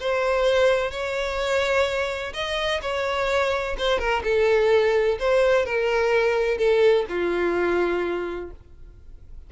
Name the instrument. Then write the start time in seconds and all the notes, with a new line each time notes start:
violin
0.00 C5
0.91 C#5
2.33 D#5
2.82 C#5
3.78 C5
3.99 A#4
4.24 A4
5.19 C5
5.65 A#4
6.58 A4
7.09 F4